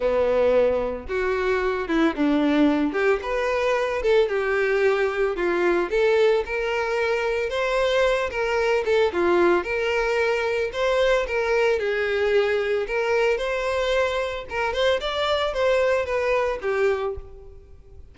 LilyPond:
\new Staff \with { instrumentName = "violin" } { \time 4/4 \tempo 4 = 112 b2 fis'4. e'8 | d'4. g'8 b'4. a'8 | g'2 f'4 a'4 | ais'2 c''4. ais'8~ |
ais'8 a'8 f'4 ais'2 | c''4 ais'4 gis'2 | ais'4 c''2 ais'8 c''8 | d''4 c''4 b'4 g'4 | }